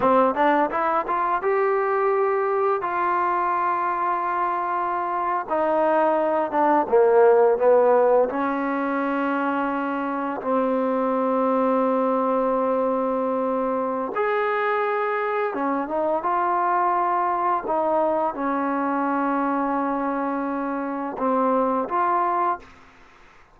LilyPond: \new Staff \with { instrumentName = "trombone" } { \time 4/4 \tempo 4 = 85 c'8 d'8 e'8 f'8 g'2 | f'2.~ f'8. dis'16~ | dis'4~ dis'16 d'8 ais4 b4 cis'16~ | cis'2~ cis'8. c'4~ c'16~ |
c'1 | gis'2 cis'8 dis'8 f'4~ | f'4 dis'4 cis'2~ | cis'2 c'4 f'4 | }